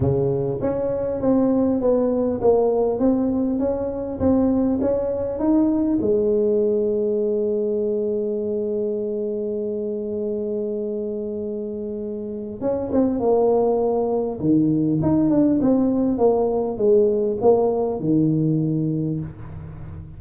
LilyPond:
\new Staff \with { instrumentName = "tuba" } { \time 4/4 \tempo 4 = 100 cis4 cis'4 c'4 b4 | ais4 c'4 cis'4 c'4 | cis'4 dis'4 gis2~ | gis1~ |
gis1~ | gis4 cis'8 c'8 ais2 | dis4 dis'8 d'8 c'4 ais4 | gis4 ais4 dis2 | }